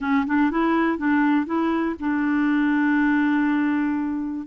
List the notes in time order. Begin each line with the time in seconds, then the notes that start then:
0.00 C#4
0.26 D4
0.50 E4
0.98 D4
1.46 E4
1.99 D4